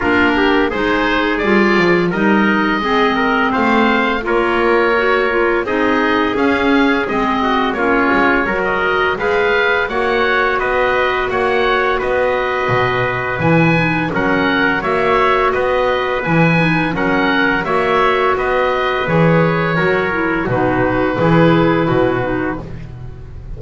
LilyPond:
<<
  \new Staff \with { instrumentName = "oboe" } { \time 4/4 \tempo 4 = 85 ais'4 c''4 d''4 dis''4~ | dis''4 f''4 cis''2 | dis''4 f''4 dis''4 cis''4~ | cis''16 dis''8. f''4 fis''4 dis''4 |
fis''4 dis''2 gis''4 | fis''4 e''4 dis''4 gis''4 | fis''4 e''4 dis''4 cis''4~ | cis''4 b'2. | }
  \new Staff \with { instrumentName = "trumpet" } { \time 4/4 f'8 g'8 gis'2 ais'4 | gis'8 ais'8 c''4 ais'2 | gis'2~ gis'8 fis'8 f'4 | ais'4 b'4 cis''4 b'4 |
cis''4 b'2. | ais'4 cis''4 b'2 | ais'4 cis''4 b'2 | ais'4 fis'4 gis'4 fis'4 | }
  \new Staff \with { instrumentName = "clarinet" } { \time 4/4 d'4 dis'4 f'4 dis'4 | c'2 f'4 fis'8 f'8 | dis'4 cis'4 c'4 cis'4 | fis'4 gis'4 fis'2~ |
fis'2. e'8 dis'8 | cis'4 fis'2 e'8 dis'8 | cis'4 fis'2 gis'4 | fis'8 e'8 dis'4 e'4. dis'8 | }
  \new Staff \with { instrumentName = "double bass" } { \time 4/4 ais4 gis4 g8 f8 g4 | gis4 a4 ais2 | c'4 cis'4 gis4 ais8 gis8 | fis4 gis4 ais4 b4 |
ais4 b4 b,4 e4 | fis4 ais4 b4 e4 | fis4 ais4 b4 e4 | fis4 b,4 e4 b,4 | }
>>